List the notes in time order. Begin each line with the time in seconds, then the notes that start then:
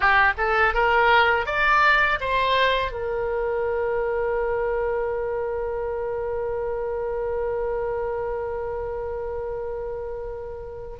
0.00 G4
0.37 A4
0.74 A#4
1.46 D5
2.20 C5
2.91 A#4